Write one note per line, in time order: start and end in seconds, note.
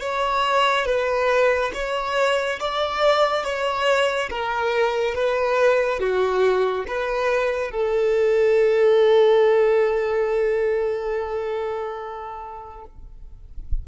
0.00 0.85 C#5
0.85 1.71 B4
1.74 2.59 C#5
2.59 3.44 D5
3.44 4.29 C#5
4.29 5.14 A#4
5.14 6.00 B4
6.00 6.85 F#4
6.87 7.71 B4
7.71 12.85 A4